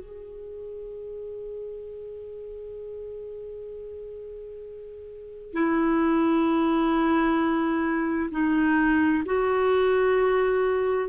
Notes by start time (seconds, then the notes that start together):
0.00 G#4
5.53 E4
8.32 D#4
9.26 F#4